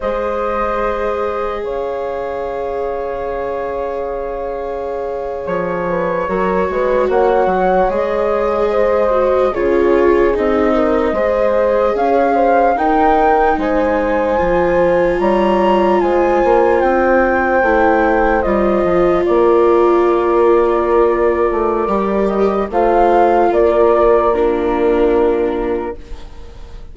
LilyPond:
<<
  \new Staff \with { instrumentName = "flute" } { \time 4/4 \tempo 4 = 74 dis''2 f''2~ | f''2~ f''8. cis''4~ cis''16~ | cis''8. fis''4 dis''2 cis''16~ | cis''8. dis''2 f''4 g''16~ |
g''8. gis''2 ais''4 gis''16~ | gis''8. g''2 dis''4 d''16~ | d''2.~ d''8 dis''8 | f''4 d''4 ais'2 | }
  \new Staff \with { instrumentName = "horn" } { \time 4/4 c''2 cis''2~ | cis''2.~ cis''16 b'8 ais'16~ | ais'16 b'8 cis''2 c''4 gis'16~ | gis'4~ gis'16 ais'8 c''4 cis''8 c''8 ais'16~ |
ais'8. c''2 cis''4 c''16~ | c''2.~ c''8. ais'16~ | ais'1 | c''4 ais'4 f'2 | }
  \new Staff \with { instrumentName = "viola" } { \time 4/4 gis'1~ | gis'2.~ gis'8. fis'16~ | fis'4.~ fis'16 gis'4. fis'8 f'16~ | f'8. dis'4 gis'2 dis'16~ |
dis'4.~ dis'16 f'2~ f'16~ | f'4.~ f'16 e'4 f'4~ f'16~ | f'2. g'4 | f'2 d'2 | }
  \new Staff \with { instrumentName = "bassoon" } { \time 4/4 gis2 cis2~ | cis2~ cis8. f4 fis16~ | fis16 gis8 ais8 fis8 gis2 cis16~ | cis8. c'4 gis4 cis'4 dis'16~ |
dis'8. gis4 f4 g4 gis16~ | gis16 ais8 c'4 a4 g8 f8 ais16~ | ais2~ ais8 a8 g4 | a4 ais2. | }
>>